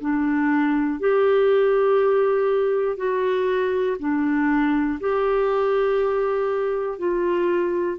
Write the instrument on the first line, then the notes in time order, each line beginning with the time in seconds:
clarinet
0.00 D4
0.99 G4
2.96 F#4
3.99 D4
5.00 G4
6.98 F4